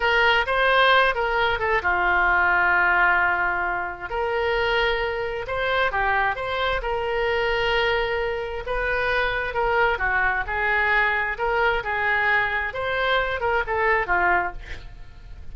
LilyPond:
\new Staff \with { instrumentName = "oboe" } { \time 4/4 \tempo 4 = 132 ais'4 c''4. ais'4 a'8 | f'1~ | f'4 ais'2. | c''4 g'4 c''4 ais'4~ |
ais'2. b'4~ | b'4 ais'4 fis'4 gis'4~ | gis'4 ais'4 gis'2 | c''4. ais'8 a'4 f'4 | }